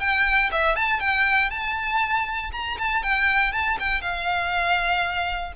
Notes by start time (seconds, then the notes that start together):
0.00 G5
0.52 E5
0.76 A5
1.00 G5
1.50 A5
2.52 A#5
2.79 A5
3.03 G5
3.52 A5
3.80 G5
4.02 F5